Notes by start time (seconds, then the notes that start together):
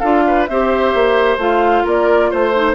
0.00 D4 F4 A4 F5
0.27 B4
0.47 C4 G4 C5 E5
0.94 A#3
1.38 A3 F4 F5
1.85 A#3 A#4 D5
2.31 A3 C5
2.54 D#4